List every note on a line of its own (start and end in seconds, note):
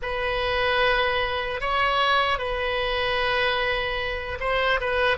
0.02 1.60 B4
1.60 2.38 C#5
2.38 4.38 B4
4.40 4.80 C5
4.80 5.17 B4